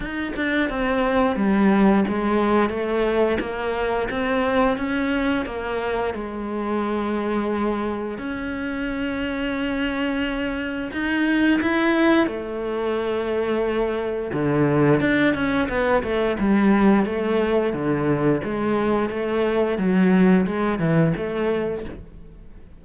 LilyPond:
\new Staff \with { instrumentName = "cello" } { \time 4/4 \tempo 4 = 88 dis'8 d'8 c'4 g4 gis4 | a4 ais4 c'4 cis'4 | ais4 gis2. | cis'1 |
dis'4 e'4 a2~ | a4 d4 d'8 cis'8 b8 a8 | g4 a4 d4 gis4 | a4 fis4 gis8 e8 a4 | }